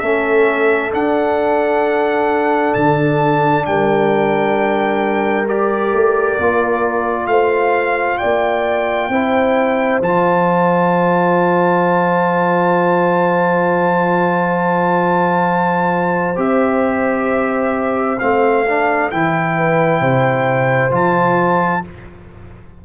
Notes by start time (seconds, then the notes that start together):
0.00 A3 C#4 A4 E5
0.91 D4 F#5
2.74 D3 A5
3.66 G3 A#4 G5
5.48 G4 D5
5.93 A3
6.39 A#3 F4
7.27 A3 C5 F5
8.18 A#3 D5 G5
9.09 C4 E4 C5
10.01 F3 F4 A5
16.36 C4 G4 E5
18.19 A3 C4 F5
18.66 D4
19.11 E3 E4 G5
19.57 B4
20.01 C3 C5
20.91 F3 F4 A5